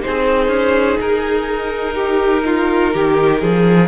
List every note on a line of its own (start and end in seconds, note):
0.00 3.87 D#4
0.00 1.95 G#4
0.00 0.99 C5
0.07 0.48 C4
0.48 0.96 C#4
1.00 2.94 D#4
1.00 3.88 A#4
1.95 2.43 G4
2.46 2.94 F4
2.94 3.42 D#3
2.94 3.41 G4
3.41 3.88 F3
3.41 3.88 G#4